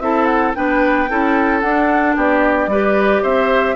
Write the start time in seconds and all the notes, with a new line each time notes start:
0.00 C4 E4 A4 E5
0.25 F#5
0.55 B3 D4 B4 G5
1.09 C#4 E4 A4
1.60 D4 F#5
2.16 B3 G4 D5
2.67 G3 G4 B4
3.22 C4 C5 E5